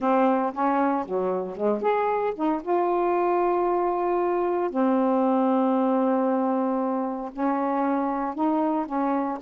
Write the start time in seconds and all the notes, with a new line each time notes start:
0.00 C4
0.53 C#4
1.05 F#3
1.56 G#3
1.81 G#4
2.35 D#4
2.62 F4
4.70 C4
7.32 C#4
8.34 D#4
8.86 C#4